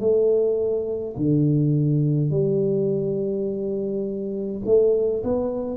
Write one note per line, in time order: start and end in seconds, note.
0.00 1.15 A3
1.17 2.31 D3
2.31 4.62 G3
4.66 5.23 A3
5.23 5.77 B3